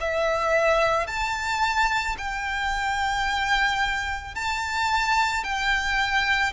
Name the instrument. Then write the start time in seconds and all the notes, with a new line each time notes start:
violin
0.00 E5
1.07 A5
2.18 G5
4.35 A5
5.44 G5